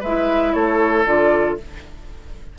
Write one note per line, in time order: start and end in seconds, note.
0.00 0.54 G#3
0.00 0.52 B4
0.00 0.53 E5
0.06 1.06 E4
0.53 1.06 A3
0.53 1.59 A4
0.53 1.05 C#5
1.06 1.58 D3
1.06 1.58 F4
1.06 1.58 D5